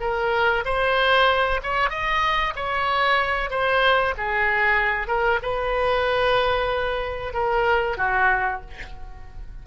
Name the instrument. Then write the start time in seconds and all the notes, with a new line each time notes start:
oboe
0.00 A#4
0.65 C5
1.63 C#5
1.89 D#5
2.56 C#5
3.50 C5
4.17 G#4
5.07 A#4
5.42 B4
7.33 A#4
7.97 F#4